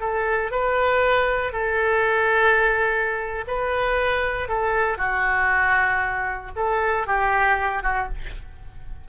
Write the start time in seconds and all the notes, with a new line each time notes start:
0.00 A4
0.51 B4
1.52 A4
3.48 B4
4.49 A4
4.98 F#4
6.56 A4
7.07 G4
7.83 F#4